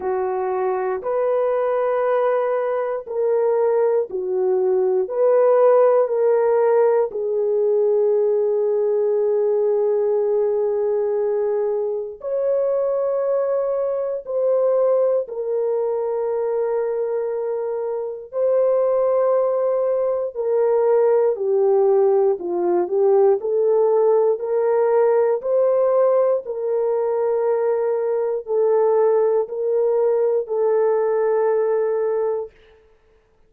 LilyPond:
\new Staff \with { instrumentName = "horn" } { \time 4/4 \tempo 4 = 59 fis'4 b'2 ais'4 | fis'4 b'4 ais'4 gis'4~ | gis'1 | cis''2 c''4 ais'4~ |
ais'2 c''2 | ais'4 g'4 f'8 g'8 a'4 | ais'4 c''4 ais'2 | a'4 ais'4 a'2 | }